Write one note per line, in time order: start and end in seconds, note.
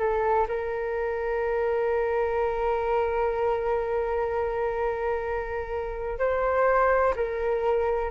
0.00 0.48 A4
0.48 6.19 A#4
6.19 7.15 C5
7.16 8.11 A#4